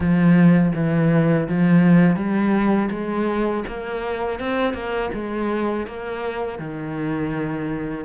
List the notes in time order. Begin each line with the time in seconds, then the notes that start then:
0.00 F3
0.75 E3
1.48 F3
2.16 G3
2.90 G#3
3.67 A#3
4.39 C4
4.73 A#3
5.14 G#3
5.87 A#3
6.58 D#3